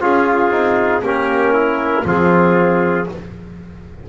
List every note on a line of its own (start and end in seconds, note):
0.00 0.50 C#4
0.00 0.51 F4
0.00 1.02 F4
0.00 1.03 G#4
0.50 1.01 C4
0.50 1.02 D#4
1.02 2.04 A#3
1.02 2.04 C#4
1.02 1.53 G4
1.02 2.06 A#4
1.53 2.04 E4
2.04 3.06 F3
2.04 3.06 C4
2.04 3.09 F4
2.04 3.09 G#4